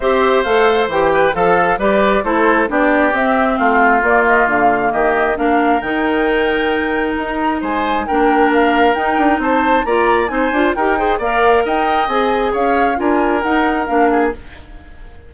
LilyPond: <<
  \new Staff \with { instrumentName = "flute" } { \time 4/4 \tempo 4 = 134 e''4 f''4 g''4 f''4 | d''4 c''4 d''4 e''4 | f''4 d''8 dis''8 f''4 dis''4 | f''4 g''2. |
ais''4 gis''4 g''4 f''4 | g''4 a''4 ais''4 gis''4 | g''4 f''4 g''4 gis''4 | f''4 gis''4 fis''4 f''4 | }
  \new Staff \with { instrumentName = "oboe" } { \time 4/4 c''2~ c''8 b'8 a'4 | b'4 a'4 g'2 | f'2. g'4 | ais'1~ |
ais'4 c''4 ais'2~ | ais'4 c''4 d''4 c''4 | ais'8 c''8 d''4 dis''2 | cis''4 ais'2~ ais'8 gis'8 | }
  \new Staff \with { instrumentName = "clarinet" } { \time 4/4 g'4 a'4 g'4 a'4 | g'4 e'4 d'4 c'4~ | c'4 ais2. | d'4 dis'2.~ |
dis'2 d'2 | dis'2 f'4 dis'8 f'8 | g'8 gis'8 ais'2 gis'4~ | gis'4 f'4 dis'4 d'4 | }
  \new Staff \with { instrumentName = "bassoon" } { \time 4/4 c'4 a4 e4 f4 | g4 a4 b4 c'4 | a4 ais4 d4 dis4 | ais4 dis2. |
dis'4 gis4 ais2 | dis'8 d'8 c'4 ais4 c'8 d'8 | dis'4 ais4 dis'4 c'4 | cis'4 d'4 dis'4 ais4 | }
>>